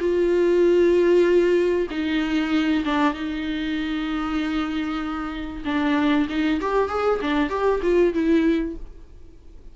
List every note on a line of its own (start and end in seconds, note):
0.00 1.88 F4
1.91 2.84 D#4
2.85 3.14 D4
3.14 5.64 D#4
5.65 6.28 D4
6.30 6.61 D#4
6.61 6.89 G4
6.89 7.20 G#4
7.21 7.50 D4
7.50 7.81 G4
7.83 8.14 F4
8.14 8.76 E4